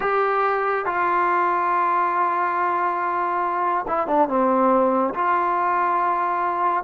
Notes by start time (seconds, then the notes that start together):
0.00 G4
0.85 F4
3.87 E4
4.07 D4
4.28 C4
5.14 F4